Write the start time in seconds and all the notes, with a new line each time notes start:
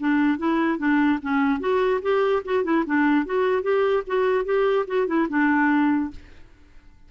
0.00 D4
0.39 E4
0.79 D4
1.23 C#4
1.61 F#4
2.02 G4
2.45 F#4
2.65 E4
2.86 D4
3.26 F#4
3.63 G4
4.07 F#4
4.45 G4
4.88 F#4
5.08 E4
5.30 D4